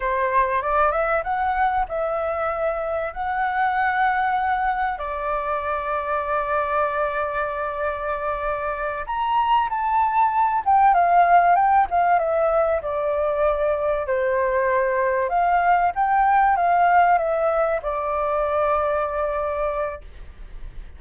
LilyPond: \new Staff \with { instrumentName = "flute" } { \time 4/4 \tempo 4 = 96 c''4 d''8 e''8 fis''4 e''4~ | e''4 fis''2. | d''1~ | d''2~ d''8 ais''4 a''8~ |
a''4 g''8 f''4 g''8 f''8 e''8~ | e''8 d''2 c''4.~ | c''8 f''4 g''4 f''4 e''8~ | e''8 d''2.~ d''8 | }